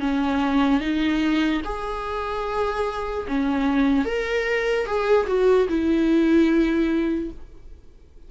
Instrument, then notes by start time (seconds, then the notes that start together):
viola
0.00 C#4
0.80 D#4
1.64 G#4
3.28 C#4
4.05 A#4
4.86 G#4
5.27 F#4
5.68 E4